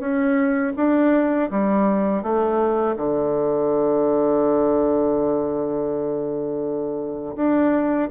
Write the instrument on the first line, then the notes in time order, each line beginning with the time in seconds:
bassoon
0.00 C#4
0.77 D4
1.51 G3
2.23 A3
2.97 D3
7.36 D4